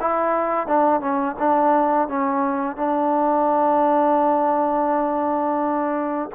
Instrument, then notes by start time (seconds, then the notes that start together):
trombone
0.00 E4
0.67 D4
1.00 C#4
1.39 D4
2.08 C#4
2.76 D4